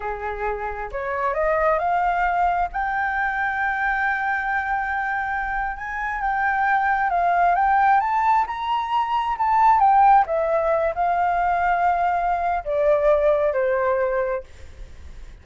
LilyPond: \new Staff \with { instrumentName = "flute" } { \time 4/4 \tempo 4 = 133 gis'2 cis''4 dis''4 | f''2 g''2~ | g''1~ | g''8. gis''4 g''2 f''16~ |
f''8. g''4 a''4 ais''4~ ais''16~ | ais''8. a''4 g''4 e''4~ e''16~ | e''16 f''2.~ f''8. | d''2 c''2 | }